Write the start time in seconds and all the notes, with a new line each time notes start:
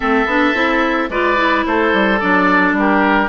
0.00 A3 C4 A4 E5
0.25 B3 D4
0.54 C4 E4
1.09 G#3 F4 B4 D5
1.36 E4
1.66 A3 A4 C5
1.93 G3
2.19 F#3 D4 D5
2.73 G3 G4
2.79 A#4